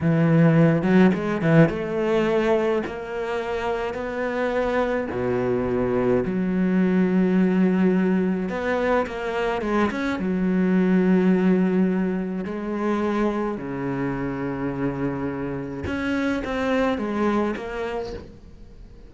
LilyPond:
\new Staff \with { instrumentName = "cello" } { \time 4/4 \tempo 4 = 106 e4. fis8 gis8 e8 a4~ | a4 ais2 b4~ | b4 b,2 fis4~ | fis2. b4 |
ais4 gis8 cis'8 fis2~ | fis2 gis2 | cis1 | cis'4 c'4 gis4 ais4 | }